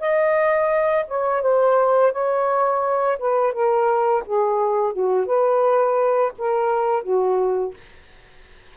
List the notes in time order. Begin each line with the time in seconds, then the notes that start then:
0.00 D#5
1.08 C#5
1.42 C5
2.12 C#5
3.19 B4
3.53 A#4
4.26 G#4
4.93 F#4
5.27 B4
6.39 A#4
7.03 F#4